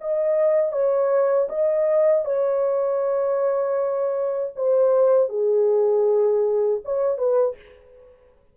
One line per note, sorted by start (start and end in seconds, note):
0.00 0.72 D#5
0.72 1.48 C#5
1.48 2.24 D#5
2.25 4.53 C#5
4.56 5.29 C5
5.29 6.81 G#4
6.84 7.17 C#5
7.17 7.55 B4